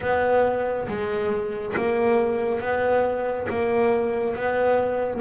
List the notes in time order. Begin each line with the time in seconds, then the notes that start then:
0.00 B3
0.87 G#3
1.76 A#3
2.60 B3
3.49 A#3
4.35 B3